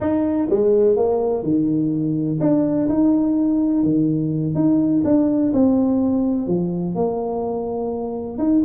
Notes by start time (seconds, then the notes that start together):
0.00 D#4
0.49 G#3
0.96 A#3
1.43 D#3
2.40 D4
2.88 D#4
3.83 D#3
4.55 D#4
5.04 D4
5.53 C4
6.47 F3
6.95 A#3
8.38 D#4